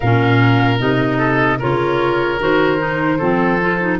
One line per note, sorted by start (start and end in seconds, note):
0.00 0.80 A#2
0.00 0.78 C#4
0.00 1.18 A#4
0.00 0.79 F5
0.78 1.60 C3
0.78 1.58 D#4
0.78 1.59 D#5
1.18 1.58 A4
1.58 2.40 C#3
1.58 2.39 F4
1.58 3.18 A#4
1.58 2.41 C#5
2.39 3.20 D#3
2.39 2.78 F#4
2.39 3.99 C5
2.78 3.18 D#4
3.18 3.99 F3
3.18 3.59 C4
3.18 3.98 A4
3.61 3.80 F4
3.80 3.99 D#4